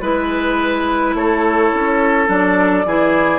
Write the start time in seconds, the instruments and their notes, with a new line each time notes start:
0.00 bassoon G#3, clarinet E4, flute B4, oboe B4
1.14 bassoon A3, oboe A4, flute C#5
1.74 bassoon C#4
2.27 bassoon F#3, clarinet D4, flute D5
2.85 bassoon E3, clarinet E4, oboe G#4